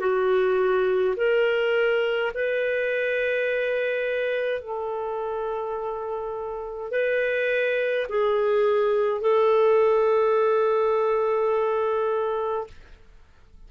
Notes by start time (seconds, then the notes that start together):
0.00 F#4
1.16 A#4
2.34 B4
4.61 A4
6.91 B4
8.09 G#4
9.21 A4